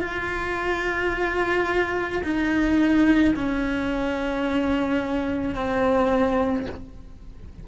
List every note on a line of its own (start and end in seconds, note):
0.00 2.22 F4
2.24 3.35 D#4
3.36 5.56 C#4
5.56 6.67 C4